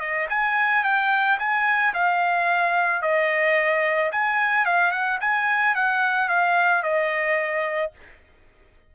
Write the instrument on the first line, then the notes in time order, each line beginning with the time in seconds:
trumpet
0.00 D#5
0.30 G#5
0.84 G5
1.39 G#5
1.94 F5
3.02 D#5
4.12 G#5
4.66 F5
4.92 F#5
5.21 G#5
5.75 F#5
6.29 F5
6.83 D#5